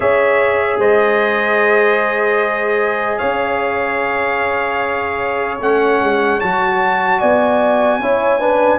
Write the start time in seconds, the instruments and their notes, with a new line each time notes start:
0.00 tuba C#4, trombone G#4, horn C#5, trumpet E5
0.78 tuba G#3, horn C5, trumpet D#5
3.18 tuba C#4, horn C#5, trumpet F5
5.60 tuba A3, trombone C#4, trumpet F#5
6.00 tuba G#3
6.40 tuba F#3, trombone F#4, trumpet A5
7.19 tuba B3, horn D5, trumpet G#5
7.99 tuba C#4, trombone E4, horn C#5
8.39 trombone D4, horn B4